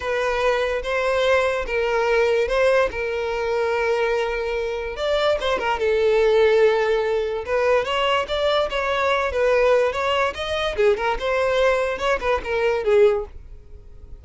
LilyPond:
\new Staff \with { instrumentName = "violin" } { \time 4/4 \tempo 4 = 145 b'2 c''2 | ais'2 c''4 ais'4~ | ais'1 | d''4 c''8 ais'8 a'2~ |
a'2 b'4 cis''4 | d''4 cis''4. b'4. | cis''4 dis''4 gis'8 ais'8 c''4~ | c''4 cis''8 b'8 ais'4 gis'4 | }